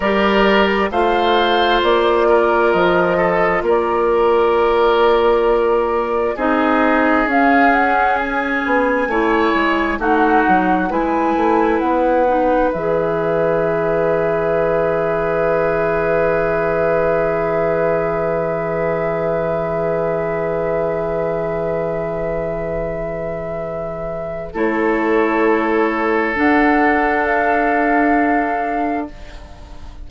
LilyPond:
<<
  \new Staff \with { instrumentName = "flute" } { \time 4/4 \tempo 4 = 66 d''4 f''4 d''4 dis''4 | d''2. dis''4 | f''8 fis''8 gis''2 fis''4 | gis''4 fis''4 e''2~ |
e''1~ | e''1~ | e''2. cis''4~ | cis''4 fis''4 f''2 | }
  \new Staff \with { instrumentName = "oboe" } { \time 4/4 ais'4 c''4. ais'4 a'8 | ais'2. gis'4~ | gis'2 cis''4 fis'4 | b'1~ |
b'1~ | b'1~ | b'2. a'4~ | a'1 | }
  \new Staff \with { instrumentName = "clarinet" } { \time 4/4 g'4 f'2.~ | f'2. dis'4 | cis'2 e'4 dis'4 | e'4. dis'8 gis'2~ |
gis'1~ | gis'1~ | gis'2. e'4~ | e'4 d'2. | }
  \new Staff \with { instrumentName = "bassoon" } { \time 4/4 g4 a4 ais4 f4 | ais2. c'4 | cis'4. b8 a8 gis8 a8 fis8 | gis8 a8 b4 e2~ |
e1~ | e1~ | e2. a4~ | a4 d'2. | }
>>